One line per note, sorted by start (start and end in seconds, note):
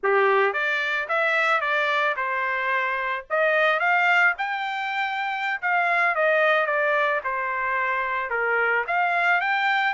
0.03 0.53 G4
0.53 1.07 D5
1.08 1.60 E5
1.60 2.15 D5
2.16 3.25 C5
3.30 3.79 D#5
3.79 4.34 F5
4.38 5.60 G5
5.61 6.15 F5
6.15 6.66 D#5
6.66 7.20 D5
7.24 8.30 C5
8.30 8.84 A#4
8.87 9.40 F5
9.40 9.93 G5